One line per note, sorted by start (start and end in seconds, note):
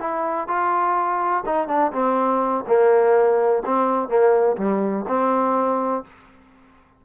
0.00 0.48 E4
0.48 1.44 F4
1.46 1.68 D#4
1.68 1.92 D4
1.92 2.64 C4
2.67 3.63 A#3
3.65 4.08 C4
4.08 4.56 A#3
4.57 5.05 G3
5.08 6.04 C4